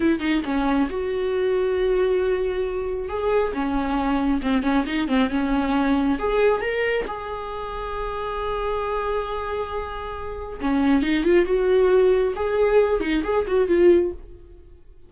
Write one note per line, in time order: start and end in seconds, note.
0.00 0.19 E4
0.19 0.41 D#4
0.44 0.88 C#4
0.89 3.08 F#4
3.08 3.52 G#4
3.53 4.41 C#4
4.41 4.62 C4
4.62 4.84 C#4
4.86 5.08 D#4
5.08 5.30 C4
5.30 6.18 C#4
6.18 6.61 G#4
6.61 7.05 A#4
7.07 10.60 G#4
10.60 11.02 C#4
11.02 11.24 D#4
11.24 11.45 F4
11.45 12.33 F#4
12.35 13.00 G#4
13.00 13.22 D#4
13.23 13.45 G#4
13.47 13.68 F#4
13.68 14.12 F4